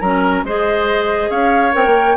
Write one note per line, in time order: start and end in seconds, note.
0.00 0.43 F#3
0.00 0.46 C#4
0.00 0.43 A#4
0.00 0.43 A#5
0.43 1.29 G#3
0.43 1.72 G#4
0.43 1.30 C5
0.43 1.30 D#5
1.30 1.73 C#4
1.30 2.16 C#5
1.30 1.73 F5
1.72 1.85 C4
1.72 2.15 A#4
1.72 2.16 G5
1.85 2.16 A#3